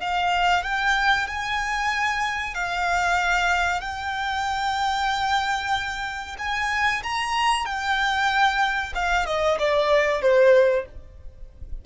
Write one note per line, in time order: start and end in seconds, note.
0.00 0.63 F5
0.63 1.27 G5
1.27 2.54 G#5
2.54 3.81 F5
3.81 6.36 G5
6.38 7.02 G#5
7.03 7.65 A#5
7.65 8.93 G5
8.94 9.26 F5
9.26 9.58 D#5
9.59 10.21 D5
10.21 10.85 C5